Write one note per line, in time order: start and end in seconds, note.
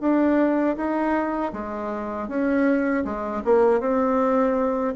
0.00 0.76 D4
0.76 1.52 D#4
1.53 2.28 G#3
2.28 3.04 C#4
3.04 3.42 G#3
3.45 3.80 A#3
3.80 4.94 C4